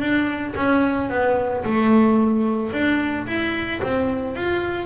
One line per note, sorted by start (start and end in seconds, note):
0.00 0.54 D4
0.56 1.10 C#4
1.10 1.64 B3
1.64 2.72 A3
2.73 3.27 D4
3.27 3.81 E4
3.83 4.36 C4
4.36 4.86 F4